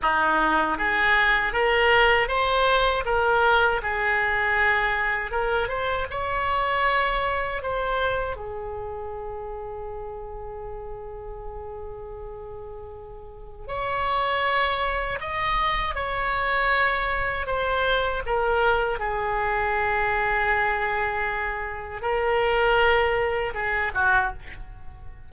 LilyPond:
\new Staff \with { instrumentName = "oboe" } { \time 4/4 \tempo 4 = 79 dis'4 gis'4 ais'4 c''4 | ais'4 gis'2 ais'8 c''8 | cis''2 c''4 gis'4~ | gis'1~ |
gis'2 cis''2 | dis''4 cis''2 c''4 | ais'4 gis'2.~ | gis'4 ais'2 gis'8 fis'8 | }